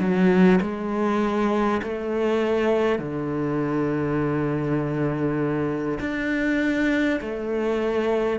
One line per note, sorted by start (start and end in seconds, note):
0.00 0.60 F#3
0.61 1.81 G#3
1.83 2.99 A3
2.99 5.99 D3
6.00 7.20 D4
7.21 8.39 A3